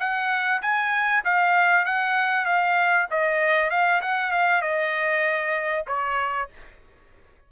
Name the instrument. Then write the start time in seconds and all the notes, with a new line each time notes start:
trumpet
0.00 F#5
0.62 G#5
1.25 F5
1.86 F#5
2.46 F5
3.11 D#5
3.71 F5
4.02 F#5
4.32 F5
4.62 D#5
5.87 C#5